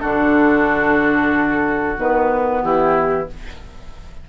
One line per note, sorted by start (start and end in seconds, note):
0.00 1.98 D3
0.00 1.96 D4
0.00 2.62 F#4
0.00 1.96 A4
1.97 2.63 D#3
1.97 3.27 B3
1.97 2.63 B4
2.63 3.28 E3
2.63 3.29 E4
2.63 3.28 G4